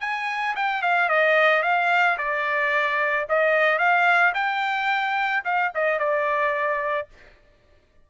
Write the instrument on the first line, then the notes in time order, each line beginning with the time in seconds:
trumpet
0.00 G#5
0.56 G5
0.82 F5
1.09 D#5
1.62 F5
2.17 D5
3.29 D#5
3.78 F5
4.34 G5
5.44 F5
5.74 D#5
5.99 D5